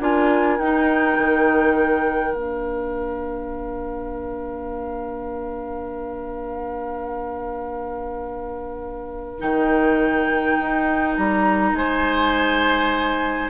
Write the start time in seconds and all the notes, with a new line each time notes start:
0.00 D4 F4 A#4 G#5
0.59 D#4 G5
1.19 D#3
2.34 A#3 D4 F5
9.39 D#3 D#4 G5
10.60 D#4
11.17 G3 A#5
11.73 G#3 C5 G#5